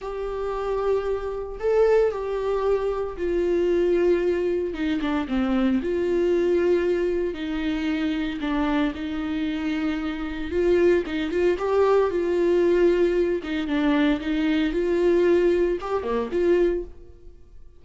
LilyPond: \new Staff \with { instrumentName = "viola" } { \time 4/4 \tempo 4 = 114 g'2. a'4 | g'2 f'2~ | f'4 dis'8 d'8 c'4 f'4~ | f'2 dis'2 |
d'4 dis'2. | f'4 dis'8 f'8 g'4 f'4~ | f'4. dis'8 d'4 dis'4 | f'2 g'8 ais8 f'4 | }